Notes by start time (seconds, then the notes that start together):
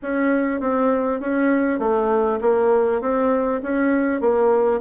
0.02 C#4
0.60 C4
1.20 C#4
1.79 A3
2.41 A#3
3.01 C4
3.62 C#4
4.20 A#3